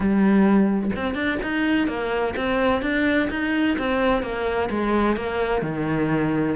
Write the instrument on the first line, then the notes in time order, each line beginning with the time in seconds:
cello
0.00 G3
0.95 C4
1.14 D4
1.43 D#4
1.87 A#3
2.36 C4
2.82 D4
3.30 D#4
3.78 C4
4.22 A#3
4.70 G#3
5.16 A#3
5.62 D#3